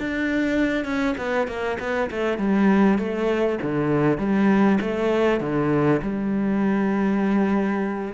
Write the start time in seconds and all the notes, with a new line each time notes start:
0.00 D4
0.85 C#4
1.18 B3
1.48 A#3
1.80 B3
2.11 A3
2.39 G3
2.99 A3
3.62 D3
4.19 G3
4.82 A3
5.41 D3
6.02 G3